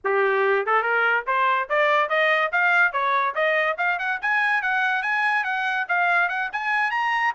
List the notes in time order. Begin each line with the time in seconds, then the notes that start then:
0.04 G4
0.66 A4
0.82 A#4
1.27 C5
1.69 D5
2.09 D#5
2.52 F5
2.92 C#5
3.34 D#5
3.77 F5
3.98 F#5
4.21 G#5
4.62 F#5
5.02 G#5
5.44 F#5
5.88 F5
6.28 F#5
6.52 G#5
6.90 A#5